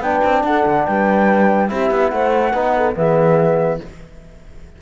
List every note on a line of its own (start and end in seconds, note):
0.00 0.21 B3
0.00 1.68 D4
0.00 0.44 B4
0.00 0.44 G5
0.24 0.44 C4
0.44 0.65 D4
0.44 0.87 A4
0.44 0.86 F#5
0.66 0.87 D3
0.86 1.71 G3
0.86 1.71 B4
0.86 1.70 G5
1.68 1.91 C4
1.68 2.52 E4
1.68 2.13 G4
1.68 2.09 E5
1.91 2.12 B3
2.09 2.54 A3
2.09 2.53 C5
2.09 2.93 F#5
2.53 2.96 B3
2.53 2.95 D#4
2.53 2.74 B4
2.77 2.98 A4
2.95 3.80 E3
2.95 3.79 B3
2.95 3.82 G#4
2.95 3.81 E5